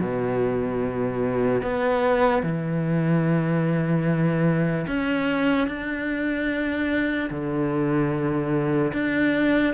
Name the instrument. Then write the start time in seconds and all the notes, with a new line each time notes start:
cello
0.00 B2
1.62 B3
2.43 E3
4.87 C#4
5.68 D4
7.30 D3
8.93 D4